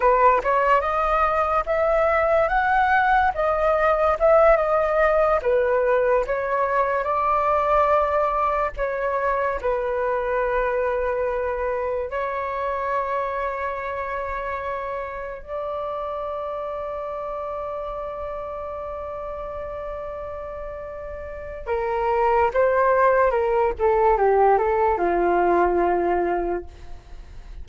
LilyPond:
\new Staff \with { instrumentName = "flute" } { \time 4/4 \tempo 4 = 72 b'8 cis''8 dis''4 e''4 fis''4 | dis''4 e''8 dis''4 b'4 cis''8~ | cis''8 d''2 cis''4 b'8~ | b'2~ b'8 cis''4.~ |
cis''2~ cis''8 d''4.~ | d''1~ | d''2 ais'4 c''4 | ais'8 a'8 g'8 a'8 f'2 | }